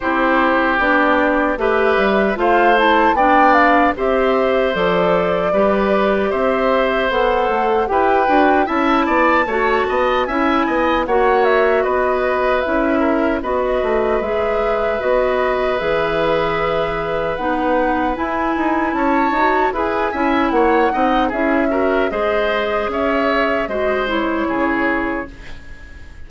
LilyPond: <<
  \new Staff \with { instrumentName = "flute" } { \time 4/4 \tempo 4 = 76 c''4 d''4 e''4 f''8 a''8 | g''8 f''8 e''4 d''2 | e''4 fis''4 g''4 a''4~ | a''4 gis''4 fis''8 e''8 dis''4 |
e''4 dis''4 e''4 dis''4 | e''2 fis''4 gis''4 | a''4 gis''4 fis''4 e''4 | dis''4 e''4 dis''8 cis''4. | }
  \new Staff \with { instrumentName = "oboe" } { \time 4/4 g'2 b'4 c''4 | d''4 c''2 b'4 | c''2 b'4 e''8 d''8 | cis''8 dis''8 e''8 dis''8 cis''4 b'4~ |
b'8 ais'8 b'2.~ | b'1 | cis''4 b'8 e''8 cis''8 dis''8 gis'8 ais'8 | c''4 cis''4 c''4 gis'4 | }
  \new Staff \with { instrumentName = "clarinet" } { \time 4/4 e'4 d'4 g'4 f'8 e'8 | d'4 g'4 a'4 g'4~ | g'4 a'4 g'8 fis'8 e'4 | fis'4 e'4 fis'2 |
e'4 fis'4 gis'4 fis'4 | gis'2 dis'4 e'4~ | e'8 fis'8 gis'8 e'4 dis'8 e'8 fis'8 | gis'2 fis'8 e'4. | }
  \new Staff \with { instrumentName = "bassoon" } { \time 4/4 c'4 b4 a8 g8 a4 | b4 c'4 f4 g4 | c'4 b8 a8 e'8 d'8 cis'8 b8 | a8 b8 cis'8 b8 ais4 b4 |
cis'4 b8 a8 gis4 b4 | e2 b4 e'8 dis'8 | cis'8 dis'8 e'8 cis'8 ais8 c'8 cis'4 | gis4 cis'4 gis4 cis4 | }
>>